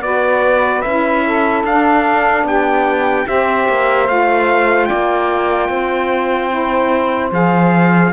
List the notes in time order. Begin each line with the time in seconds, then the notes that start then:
0.00 B3 F#4 B4 D5
0.81 C#4 E4 E5
1.25 A4
1.63 D4 F5
2.43 B3 G4 G5
3.26 C4 G4 C5 E5
3.68 A#3
4.07 A3 F4 F5
4.85 D5 G5
4.92 A#3
5.69 C4 C5
6.49 E4
7.31 F3 G#4 F5